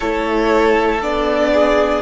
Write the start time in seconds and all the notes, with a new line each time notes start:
0.00 A3 E4 A4 C#5
1.01 B3 D4 D5
1.53 G#4